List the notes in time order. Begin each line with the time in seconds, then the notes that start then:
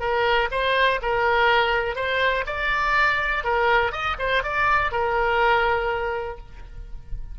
0.00 A#4
0.51 C5
1.02 A#4
1.96 C5
2.46 D5
3.44 A#4
3.92 D#5
4.19 C5
4.43 D5
4.91 A#4